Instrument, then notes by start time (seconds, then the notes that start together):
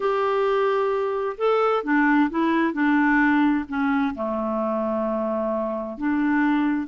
clarinet
0.00 G4
1.37 A4
1.83 D4
2.29 E4
2.73 D4
3.68 C#4
4.14 A3
5.97 D4